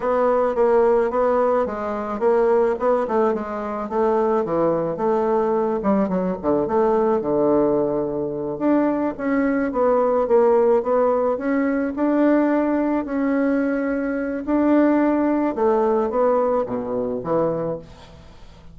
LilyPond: \new Staff \with { instrumentName = "bassoon" } { \time 4/4 \tempo 4 = 108 b4 ais4 b4 gis4 | ais4 b8 a8 gis4 a4 | e4 a4. g8 fis8 d8 | a4 d2~ d8 d'8~ |
d'8 cis'4 b4 ais4 b8~ | b8 cis'4 d'2 cis'8~ | cis'2 d'2 | a4 b4 b,4 e4 | }